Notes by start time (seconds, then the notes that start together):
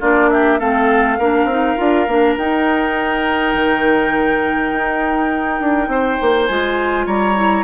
0.00 A#3 D4 F4 D5
0.31 G4 E5
0.59 A3 C4 A4 F5
1.19 A#3 D4 A#4
1.44 C4 D#4
1.77 D4 F4
2.07 A#3 D4
2.37 D#4 G5
3.54 D#3
4.72 D#4
5.60 D4
5.88 C4 C5
6.21 A#3
6.46 G#3 F4 G#5
7.06 G3 C#5 A#5
7.36 E4